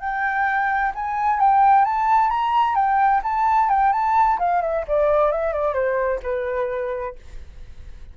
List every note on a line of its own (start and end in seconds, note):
0.00 0.92 G5
0.95 1.39 G#5
1.39 1.85 G5
1.85 2.30 A5
2.30 2.75 A#5
2.75 3.21 G5
3.23 3.69 A5
3.69 3.92 G5
3.92 4.38 A5
4.39 4.62 F5
4.62 4.85 E5
4.88 5.32 D5
5.32 5.52 E5
5.52 5.73 D5
5.73 6.20 C5
6.23 7.15 B4